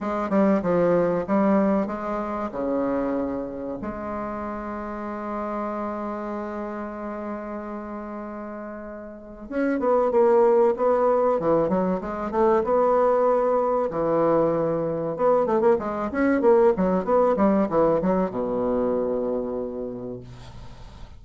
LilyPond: \new Staff \with { instrumentName = "bassoon" } { \time 4/4 \tempo 4 = 95 gis8 g8 f4 g4 gis4 | cis2 gis2~ | gis1~ | gis2. cis'8 b8 |
ais4 b4 e8 fis8 gis8 a8 | b2 e2 | b8 a16 ais16 gis8 cis'8 ais8 fis8 b8 g8 | e8 fis8 b,2. | }